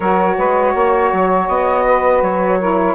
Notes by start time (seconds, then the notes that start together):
0.00 F#3 F#4 A#4 C#5
0.37 G#3 B4
0.75 A#3 C#5
1.12 F#3
1.48 B3 D#5
1.85 B4
2.21 F#3 C#5
2.58 E4 A#4